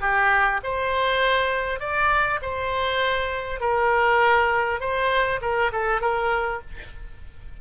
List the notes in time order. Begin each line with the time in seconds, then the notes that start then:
0.00 G4
0.63 C5
1.79 D5
2.41 C5
3.60 A#4
4.80 C5
5.41 A#4
5.72 A4
6.01 A#4